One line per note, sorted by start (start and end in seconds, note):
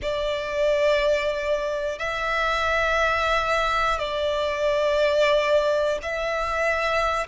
0.02 1.99 D5
1.99 3.98 E5
3.98 5.98 D5
6.02 7.27 E5